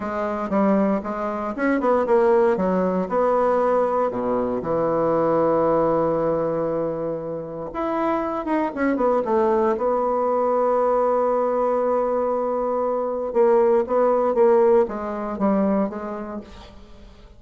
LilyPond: \new Staff \with { instrumentName = "bassoon" } { \time 4/4 \tempo 4 = 117 gis4 g4 gis4 cis'8 b8 | ais4 fis4 b2 | b,4 e2.~ | e2. e'4~ |
e'8 dis'8 cis'8 b8 a4 b4~ | b1~ | b2 ais4 b4 | ais4 gis4 g4 gis4 | }